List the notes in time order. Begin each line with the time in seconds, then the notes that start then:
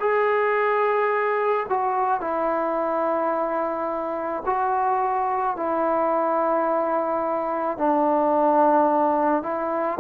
0.00 G#4
1.69 F#4
2.21 E4
4.46 F#4
5.57 E4
7.78 D4
9.43 E4